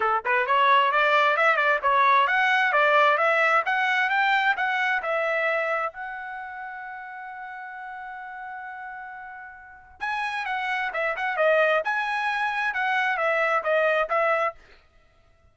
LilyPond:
\new Staff \with { instrumentName = "trumpet" } { \time 4/4 \tempo 4 = 132 a'8 b'8 cis''4 d''4 e''8 d''8 | cis''4 fis''4 d''4 e''4 | fis''4 g''4 fis''4 e''4~ | e''4 fis''2.~ |
fis''1~ | fis''2 gis''4 fis''4 | e''8 fis''8 dis''4 gis''2 | fis''4 e''4 dis''4 e''4 | }